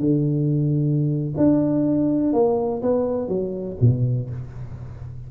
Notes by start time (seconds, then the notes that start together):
0.00 D3
1.37 D4
2.33 A#3
2.82 B3
3.28 F#3
3.81 B2